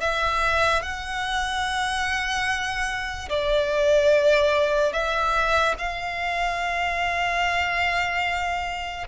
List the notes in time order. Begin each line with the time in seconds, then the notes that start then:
0.00 E5
0.82 F#5
3.29 D5
4.92 E5
5.78 F5